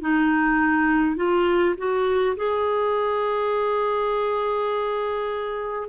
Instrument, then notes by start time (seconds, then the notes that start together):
clarinet
0.00 D#4
1.16 F4
1.77 F#4
2.36 G#4